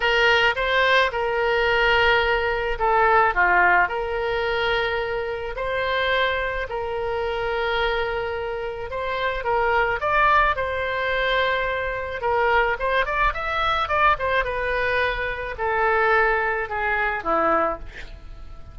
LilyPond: \new Staff \with { instrumentName = "oboe" } { \time 4/4 \tempo 4 = 108 ais'4 c''4 ais'2~ | ais'4 a'4 f'4 ais'4~ | ais'2 c''2 | ais'1 |
c''4 ais'4 d''4 c''4~ | c''2 ais'4 c''8 d''8 | e''4 d''8 c''8 b'2 | a'2 gis'4 e'4 | }